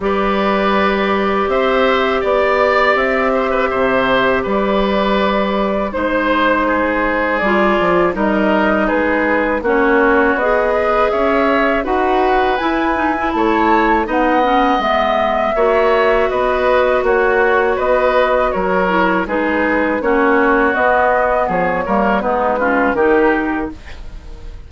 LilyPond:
<<
  \new Staff \with { instrumentName = "flute" } { \time 4/4 \tempo 4 = 81 d''2 e''4 d''4 | e''2 d''2 | c''2 d''4 dis''4 | b'4 cis''4 dis''4 e''4 |
fis''4 gis''4 a''4 fis''4 | e''2 dis''4 cis''4 | dis''4 cis''4 b'4 cis''4 | dis''4 cis''4 b'4 ais'4 | }
  \new Staff \with { instrumentName = "oboe" } { \time 4/4 b'2 c''4 d''4~ | d''8 c''16 b'16 c''4 b'2 | c''4 gis'2 ais'4 | gis'4 fis'4. b'8 cis''4 |
b'2 cis''4 dis''4~ | dis''4 cis''4 b'4 fis'4 | b'4 ais'4 gis'4 fis'4~ | fis'4 gis'8 ais'8 dis'8 f'8 g'4 | }
  \new Staff \with { instrumentName = "clarinet" } { \time 4/4 g'1~ | g'1 | dis'2 f'4 dis'4~ | dis'4 cis'4 gis'2 |
fis'4 e'8 dis'16 e'4~ e'16 dis'8 cis'8 | b4 fis'2.~ | fis'4. e'8 dis'4 cis'4 | b4. ais8 b8 cis'8 dis'4 | }
  \new Staff \with { instrumentName = "bassoon" } { \time 4/4 g2 c'4 b4 | c'4 c4 g2 | gis2 g8 f8 g4 | gis4 ais4 b4 cis'4 |
dis'4 e'4 a4 b4 | gis4 ais4 b4 ais4 | b4 fis4 gis4 ais4 | b4 f8 g8 gis4 dis4 | }
>>